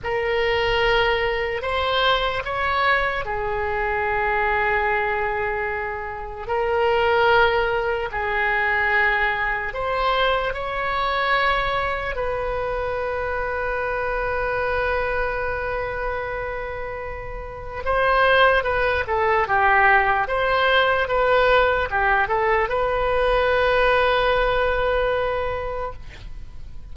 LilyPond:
\new Staff \with { instrumentName = "oboe" } { \time 4/4 \tempo 4 = 74 ais'2 c''4 cis''4 | gis'1 | ais'2 gis'2 | c''4 cis''2 b'4~ |
b'1~ | b'2 c''4 b'8 a'8 | g'4 c''4 b'4 g'8 a'8 | b'1 | }